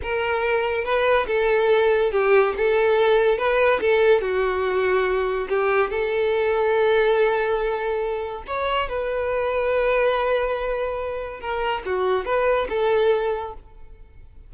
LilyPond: \new Staff \with { instrumentName = "violin" } { \time 4/4 \tempo 4 = 142 ais'2 b'4 a'4~ | a'4 g'4 a'2 | b'4 a'4 fis'2~ | fis'4 g'4 a'2~ |
a'1 | cis''4 b'2.~ | b'2. ais'4 | fis'4 b'4 a'2 | }